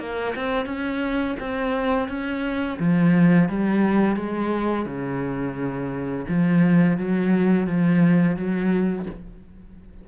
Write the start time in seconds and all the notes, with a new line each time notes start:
0.00 A#3
0.36 C4
0.66 C#4
1.40 C4
2.09 C#4
2.80 F3
3.49 G3
4.16 G#3
4.86 C#3
6.29 F3
6.98 F#3
7.67 F3
8.37 F#3